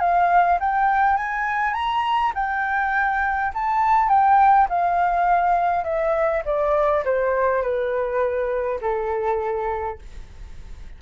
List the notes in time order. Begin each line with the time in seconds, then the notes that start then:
0.00 F5
0.60 G5
1.17 G#5
1.74 A#5
2.35 G5
3.54 A5
4.09 G5
4.70 F5
5.84 E5
6.45 D5
7.05 C5
7.62 B4
8.81 A4